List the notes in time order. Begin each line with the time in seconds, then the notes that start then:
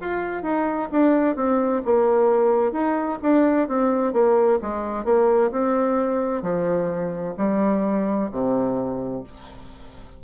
0.00 F4
0.42 D#4
0.91 D4
1.36 C4
1.85 A#3
2.72 D#4
3.22 D4
3.68 C4
4.13 A#3
4.62 G#3
5.04 A#3
5.51 C4
6.42 F3
7.37 G3
8.31 C3